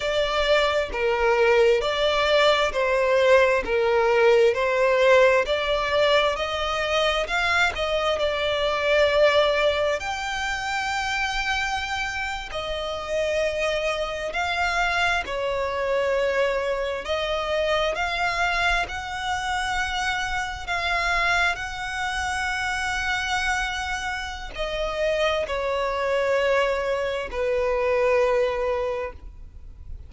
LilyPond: \new Staff \with { instrumentName = "violin" } { \time 4/4 \tempo 4 = 66 d''4 ais'4 d''4 c''4 | ais'4 c''4 d''4 dis''4 | f''8 dis''8 d''2 g''4~ | g''4.~ g''16 dis''2 f''16~ |
f''8. cis''2 dis''4 f''16~ | f''8. fis''2 f''4 fis''16~ | fis''2. dis''4 | cis''2 b'2 | }